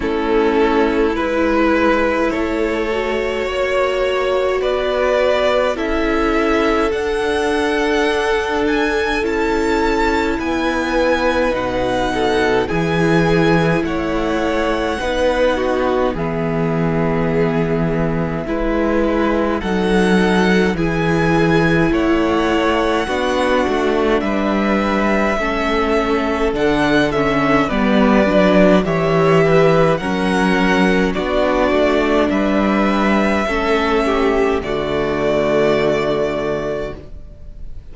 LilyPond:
<<
  \new Staff \with { instrumentName = "violin" } { \time 4/4 \tempo 4 = 52 a'4 b'4 cis''2 | d''4 e''4 fis''4. gis''8 | a''4 gis''4 fis''4 gis''4 | fis''2 e''2~ |
e''4 fis''4 gis''4 fis''4~ | fis''4 e''2 fis''8 e''8 | d''4 e''4 fis''4 d''4 | e''2 d''2 | }
  \new Staff \with { instrumentName = "violin" } { \time 4/4 e'2 a'4 cis''4 | b'4 a'2.~ | a'4 b'4. a'8 gis'4 | cis''4 b'8 fis'8 gis'2 |
b'4 a'4 gis'4 cis''4 | fis'4 b'4 a'2 | b'4 cis''8 b'8 ais'4 fis'4 | b'4 a'8 g'8 fis'2 | }
  \new Staff \with { instrumentName = "viola" } { \time 4/4 cis'4 e'4. fis'4.~ | fis'4 e'4 d'2 | e'2 dis'4 e'4~ | e'4 dis'4 b2 |
e'4 dis'4 e'2 | d'2 cis'4 d'8 cis'8 | b8 d'8 g'4 cis'4 d'4~ | d'4 cis'4 a2 | }
  \new Staff \with { instrumentName = "cello" } { \time 4/4 a4 gis4 a4 ais4 | b4 cis'4 d'2 | cis'4 b4 b,4 e4 | a4 b4 e2 |
gis4 fis4 e4 a4 | b8 a8 g4 a4 d4 | g8 fis8 e4 fis4 b8 a8 | g4 a4 d2 | }
>>